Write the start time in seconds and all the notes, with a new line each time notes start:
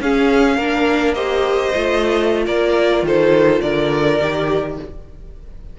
0.00 C#4 G#4 F5
0.56 A#3 D4 A#4
1.14 G4 C5 D#5
1.74 A3 F4
2.46 A#3 A#4 D5
3.02 D#3 A4 C5
3.61 D3 A#4 D5
4.19 D#3 G4